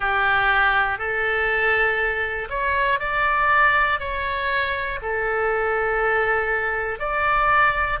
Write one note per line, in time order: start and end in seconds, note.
0.00 0.98 G4
0.98 2.48 A4
2.50 3.00 C#5
3.00 4.00 D5
4.00 5.00 C#5
5.01 6.99 A4
6.99 7.99 D5